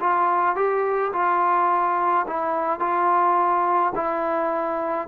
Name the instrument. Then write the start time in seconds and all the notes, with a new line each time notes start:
trombone
0.00 F4
0.56 G4
1.13 F4
2.27 E4
2.79 F4
3.95 E4